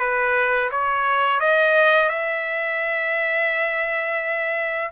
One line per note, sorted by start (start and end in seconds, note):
0.00 0.71 B4
0.72 1.41 C#5
1.41 2.10 D#5
2.10 4.92 E5